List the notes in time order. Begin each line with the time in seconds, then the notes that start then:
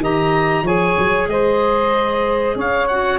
0.00 D#3 G4 D#5 A#5
0.62 F3 G#4 C#5 G#5
0.98 F#3
1.27 G#3 C5 D#5
2.55 C#4 C#5 F5
2.87 F#4 F#5